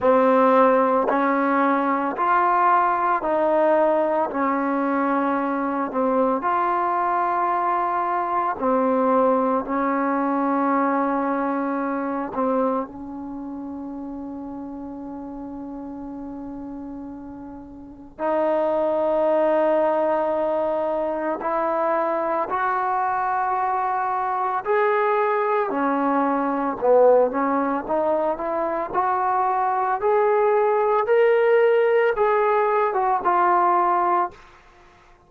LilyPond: \new Staff \with { instrumentName = "trombone" } { \time 4/4 \tempo 4 = 56 c'4 cis'4 f'4 dis'4 | cis'4. c'8 f'2 | c'4 cis'2~ cis'8 c'8 | cis'1~ |
cis'4 dis'2. | e'4 fis'2 gis'4 | cis'4 b8 cis'8 dis'8 e'8 fis'4 | gis'4 ais'4 gis'8. fis'16 f'4 | }